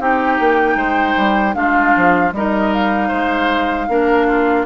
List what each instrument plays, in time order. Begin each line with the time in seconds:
0.00 bassoon C4, clarinet D#4, oboe G4, flute G5
0.40 bassoon A#3
0.75 bassoon G#3, oboe C5
1.17 bassoon G3
1.54 bassoon G#3, clarinet D4, oboe F4, flute F5
1.96 bassoon F3
2.33 bassoon G3, clarinet D#4, oboe A#4, flute D#5
2.73 flute F5
3.08 bassoon G#3, oboe C5
3.88 bassoon A#3, clarinet D4, oboe A#4
4.27 oboe F4